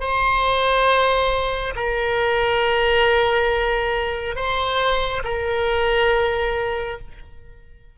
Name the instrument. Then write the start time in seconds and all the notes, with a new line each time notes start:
oboe
0.00 C5
1.75 A#4
4.36 C5
5.24 A#4